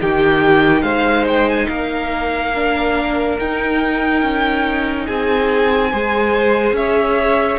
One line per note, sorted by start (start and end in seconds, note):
0.00 0.83 D#3
0.00 2.54 D#4
0.00 0.82 G4
0.00 0.82 G5
0.82 1.67 G#3
0.82 1.67 C5
0.82 1.25 F5
1.28 1.49 G5
1.49 1.69 G#5
1.68 3.39 A#3
1.68 5.07 A#4
1.68 3.38 F5
2.55 3.40 D4
3.39 4.23 D#4
3.39 5.92 D#4
3.39 5.07 G5
4.23 5.07 C#4
5.07 5.93 C4
5.07 5.91 G#4
5.07 6.76 G#5
5.92 6.73 G#3
5.92 7.60 G#4
5.92 6.77 C5
6.73 7.57 C#4
6.73 7.60 C#5
6.73 7.60 E5